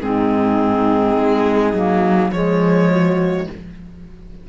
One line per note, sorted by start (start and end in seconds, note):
0.00 1.16 G#2
0.00 1.74 C4
0.00 2.34 D#4
0.00 2.31 G#4
1.16 1.73 G#3
1.73 2.31 F#3
1.73 2.33 A#3
2.31 3.47 F3
2.31 3.49 G#3
2.31 2.91 G#4
2.31 3.47 C#5
2.91 3.49 F#4